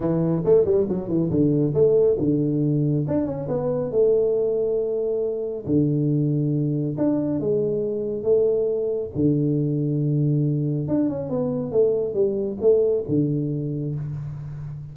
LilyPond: \new Staff \with { instrumentName = "tuba" } { \time 4/4 \tempo 4 = 138 e4 a8 g8 fis8 e8 d4 | a4 d2 d'8 cis'8 | b4 a2.~ | a4 d2. |
d'4 gis2 a4~ | a4 d2.~ | d4 d'8 cis'8 b4 a4 | g4 a4 d2 | }